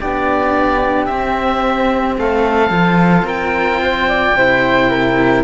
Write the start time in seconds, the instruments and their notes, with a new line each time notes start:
0.00 cello B3 D4, flute G4, oboe D5
1.05 cello C4, oboe E5
2.17 cello A3, flute A4, oboe F5
2.70 cello F3 F4
3.22 cello C4, flute A#4, oboe G5
3.82 flute C5
4.09 flute D5
4.35 cello C3 E4, flute C5
4.89 flute A#4